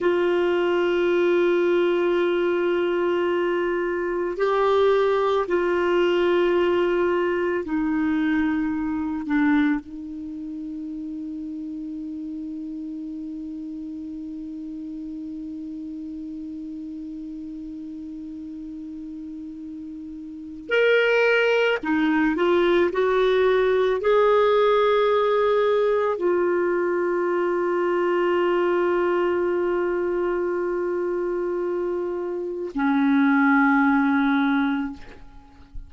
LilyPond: \new Staff \with { instrumentName = "clarinet" } { \time 4/4 \tempo 4 = 55 f'1 | g'4 f'2 dis'4~ | dis'8 d'8 dis'2.~ | dis'1~ |
dis'2. ais'4 | dis'8 f'8 fis'4 gis'2 | f'1~ | f'2 cis'2 | }